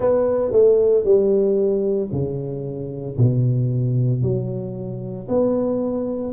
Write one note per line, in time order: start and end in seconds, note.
0.00 0.51 B3
0.51 1.04 A3
1.04 2.09 G3
2.11 3.17 C#3
3.17 4.22 B2
4.22 5.27 F#3
5.28 6.33 B3